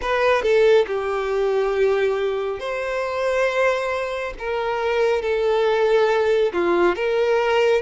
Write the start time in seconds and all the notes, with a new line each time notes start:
0.01 B4
0.42 A4
0.87 G4
2.59 C5
4.39 A#4
5.22 A4
6.53 F4
6.95 A#4